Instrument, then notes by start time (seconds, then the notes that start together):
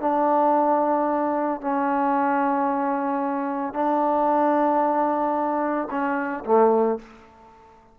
trombone
0.00 D4
1.61 C#4
3.74 D4
5.90 C#4
6.45 A3